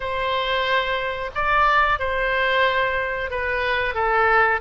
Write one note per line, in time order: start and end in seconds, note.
0.00 1.30 C5
1.34 1.99 D5
1.99 3.30 C5
3.30 3.94 B4
3.94 4.60 A4